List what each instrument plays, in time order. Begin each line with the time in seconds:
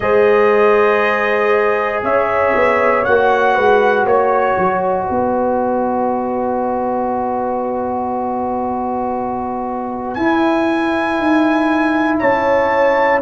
0.00 tuba G#3, trombone G#4, horn C5, trumpet D#5
2.03 tuba C#4, horn C#5, trumpet E5
2.54 tuba B3
3.04 tuba A#3, trombone F#4, trumpet F#5
3.54 tuba G#3, horn B4
4.04 tuba A#3, horn C#5, trumpet C#5
4.57 tuba F#3
4.81 trumpet D#5
5.06 tuba B3, horn B4
10.14 tuba E4, trombone E4, trumpet G#5
11.18 tuba D#4
12.18 tuba C#4, horn C#5, trumpet A5